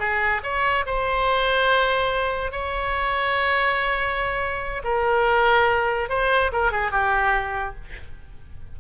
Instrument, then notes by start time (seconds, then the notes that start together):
oboe
0.00 G#4
0.43 C#5
0.86 C5
2.52 C#5
4.84 A#4
6.10 C5
6.53 A#4
6.72 G#4
6.92 G4